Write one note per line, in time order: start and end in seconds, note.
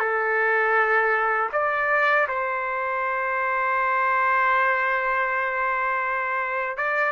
0.00 1.50 A4
1.53 2.28 D5
2.28 6.78 C5
6.78 7.12 D5